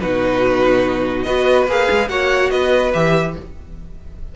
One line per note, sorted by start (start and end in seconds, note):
0.00 1.26 B2
0.00 1.26 D#4
0.00 1.25 F#4
0.00 1.23 B4
1.23 1.67 B3
1.23 1.67 F#4
1.23 2.08 B4
1.23 1.64 D#5
1.67 1.87 A#3
1.67 2.08 G#4
1.67 2.08 F5
1.90 2.08 G#3
2.08 2.50 A#3
2.08 2.92 F#4
2.08 2.51 C#5
2.08 2.50 F#5
2.50 2.93 B3
2.50 3.35 B4
2.50 2.91 D#5
2.93 3.35 E3
2.93 3.35 G4
2.93 3.35 E5